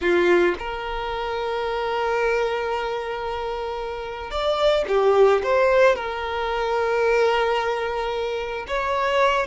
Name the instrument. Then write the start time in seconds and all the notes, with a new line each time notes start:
violin
0.01 F4
0.58 A#4
4.30 D5
4.88 G4
5.43 C5
5.95 A#4
8.67 C#5